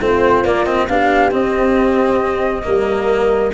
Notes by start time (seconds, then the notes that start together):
0.00 A3 C4 F4 C5
0.43 A#3 D5
0.65 C4 D#5
0.88 B3 D4 G4 F5
1.31 C4 D#5
2.63 G3 A#3 A#4